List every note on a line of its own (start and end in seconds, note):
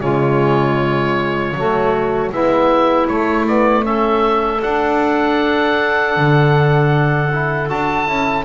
0.00 1.54 C#3
0.00 1.56 G#3
0.00 1.55 F4
0.00 2.31 C#5
1.54 2.31 F#3
1.54 2.33 A3
1.54 2.32 F#4
2.31 3.08 G#3
2.31 3.09 B3
2.31 3.83 E4
2.31 3.07 E5
3.07 4.62 A3
3.07 3.47 A3
3.07 3.46 C#5
3.47 3.83 B3
3.47 3.85 D5
3.83 4.60 C#4
3.83 8.44 A4
3.83 4.62 E5
4.61 7.30 D4
4.61 6.16 D4
4.61 7.69 F#5
6.16 7.70 D3
7.33 7.69 E4
7.69 8.08 D4
7.69 8.07 F#4
7.69 8.44 A5
8.07 8.44 C#4
8.07 8.44 E4